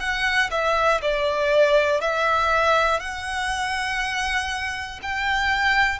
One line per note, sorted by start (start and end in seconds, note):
0.00 0.50 F#5
0.50 1.00 E5
1.01 2.00 D5
2.00 3.00 E5
3.00 5.00 F#5
5.02 5.99 G5